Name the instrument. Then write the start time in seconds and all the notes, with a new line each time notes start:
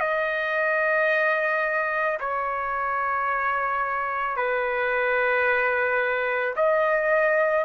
trumpet
0.00 D#5
2.20 C#5
4.36 B4
6.56 D#5